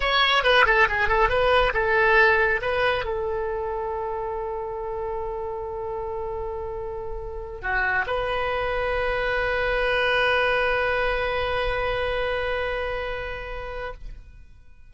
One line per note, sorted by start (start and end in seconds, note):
0.00 0.43 C#5
0.43 0.65 B4
0.66 0.88 A4
0.88 1.08 G#4
1.08 1.29 A4
1.29 1.73 B4
1.73 2.60 A4
2.61 3.05 B4
3.05 7.61 A4
7.61 8.05 F#4
8.06 13.93 B4